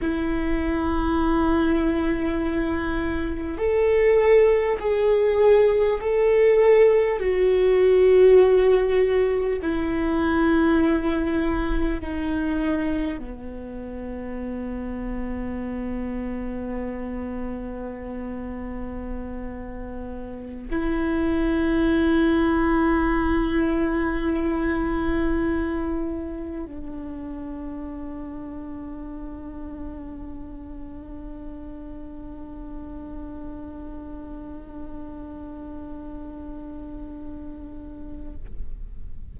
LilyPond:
\new Staff \with { instrumentName = "viola" } { \time 4/4 \tempo 4 = 50 e'2. a'4 | gis'4 a'4 fis'2 | e'2 dis'4 b4~ | b1~ |
b4~ b16 e'2~ e'8.~ | e'2~ e'16 d'4.~ d'16~ | d'1~ | d'1 | }